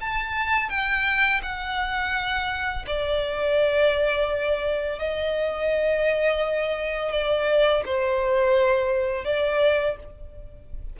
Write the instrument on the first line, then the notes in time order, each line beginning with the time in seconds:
violin
0.00 A5
0.69 G5
1.42 F#5
2.86 D5
4.99 D#5
7.12 D5
7.85 C5
9.24 D5